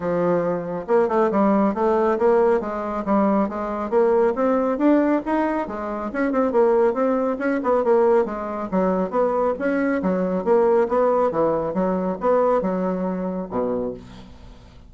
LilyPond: \new Staff \with { instrumentName = "bassoon" } { \time 4/4 \tempo 4 = 138 f2 ais8 a8 g4 | a4 ais4 gis4 g4 | gis4 ais4 c'4 d'4 | dis'4 gis4 cis'8 c'8 ais4 |
c'4 cis'8 b8 ais4 gis4 | fis4 b4 cis'4 fis4 | ais4 b4 e4 fis4 | b4 fis2 b,4 | }